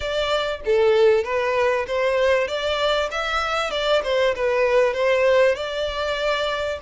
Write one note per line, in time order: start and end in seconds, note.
0.00 0.60 D5
0.65 1.24 A4
1.24 1.86 B4
1.87 2.47 C5
2.47 3.09 D5
3.11 3.71 E5
3.71 4.01 D5
4.03 4.34 C5
4.35 4.93 B4
4.93 5.55 C5
5.55 6.78 D5